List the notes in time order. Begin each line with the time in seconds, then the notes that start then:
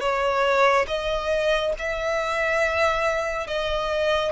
0.00 C#5
0.87 D#5
1.78 E5
3.47 D#5